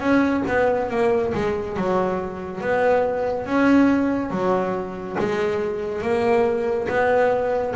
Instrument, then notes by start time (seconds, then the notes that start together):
double bass
0.00 C#4
0.47 B3
0.90 A#3
1.34 G#3
1.76 F#3
2.61 B3
3.46 C#4
4.31 F#3
5.19 G#3
6.02 A#3
6.88 B3